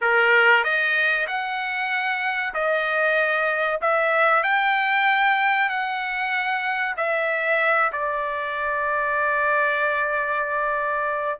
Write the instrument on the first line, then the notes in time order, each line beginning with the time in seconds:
trumpet
0.01 A#4
0.63 D#5
1.27 F#5
2.54 D#5
3.81 E5
4.43 G5
5.69 F#5
6.96 E5
7.92 D5